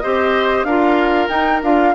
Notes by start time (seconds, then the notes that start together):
0.00 C4 G4 C5 D#5
0.64 D4 F4 A#4 F5
1.29 D#4 G5
1.62 D4 F4 F5